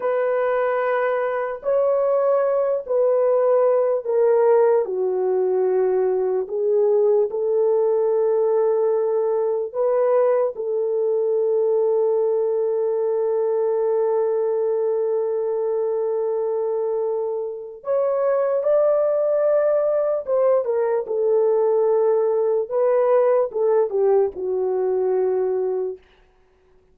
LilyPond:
\new Staff \with { instrumentName = "horn" } { \time 4/4 \tempo 4 = 74 b'2 cis''4. b'8~ | b'4 ais'4 fis'2 | gis'4 a'2. | b'4 a'2.~ |
a'1~ | a'2 cis''4 d''4~ | d''4 c''8 ais'8 a'2 | b'4 a'8 g'8 fis'2 | }